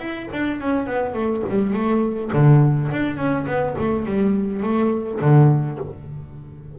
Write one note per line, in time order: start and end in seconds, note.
0.00 0.29 E4
0.33 0.61 D4
0.61 0.87 C#4
0.87 1.15 B3
1.15 1.43 A3
1.50 1.74 G3
1.74 2.31 A3
2.34 2.91 D3
2.92 3.17 D4
3.17 3.46 C#4
3.47 3.76 B3
3.79 4.06 A3
4.06 4.63 G3
4.63 5.21 A3
5.22 5.79 D3